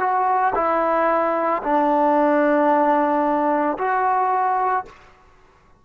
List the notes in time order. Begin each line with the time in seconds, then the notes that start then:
0.00 F#4
0.56 E4
1.63 D4
3.78 F#4